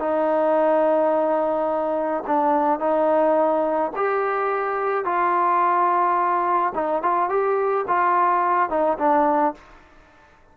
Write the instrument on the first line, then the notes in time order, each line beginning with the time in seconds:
trombone
0.00 D#4
2.28 D4
2.80 D#4
3.97 G4
5.05 F4
6.75 D#4
7.03 F4
7.30 G4
7.88 F4
8.70 D#4
8.99 D4